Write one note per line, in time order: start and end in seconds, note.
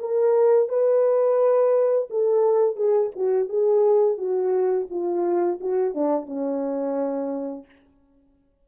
0.00 0.69 A#4
0.69 2.09 B4
2.11 2.77 A4
2.77 3.11 G#4
3.16 3.49 F#4
3.49 4.18 G#4
4.18 4.88 F#4
4.90 5.60 F4
5.61 5.95 F#4
5.95 6.26 D4
6.26 7.66 C#4